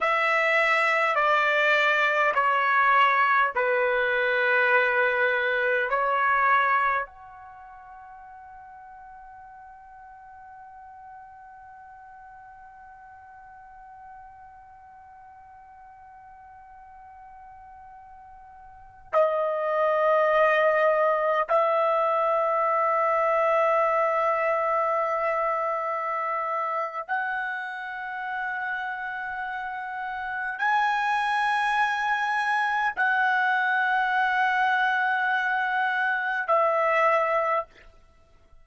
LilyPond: \new Staff \with { instrumentName = "trumpet" } { \time 4/4 \tempo 4 = 51 e''4 d''4 cis''4 b'4~ | b'4 cis''4 fis''2~ | fis''1~ | fis''1~ |
fis''16 dis''2 e''4.~ e''16~ | e''2. fis''4~ | fis''2 gis''2 | fis''2. e''4 | }